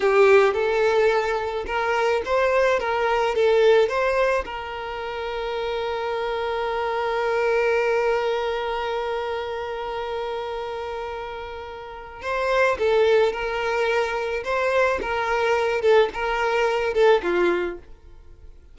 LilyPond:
\new Staff \with { instrumentName = "violin" } { \time 4/4 \tempo 4 = 108 g'4 a'2 ais'4 | c''4 ais'4 a'4 c''4 | ais'1~ | ais'1~ |
ais'1~ | ais'2 c''4 a'4 | ais'2 c''4 ais'4~ | ais'8 a'8 ais'4. a'8 f'4 | }